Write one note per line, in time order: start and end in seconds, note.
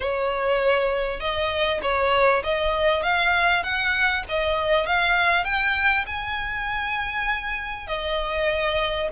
0.00 1.20 C#5
1.20 1.80 D#5
1.82 2.42 C#5
2.43 3.02 D#5
3.02 3.63 F5
3.63 4.23 F#5
4.28 4.86 D#5
4.86 5.44 F5
5.44 6.05 G5
6.06 7.87 G#5
7.87 9.08 D#5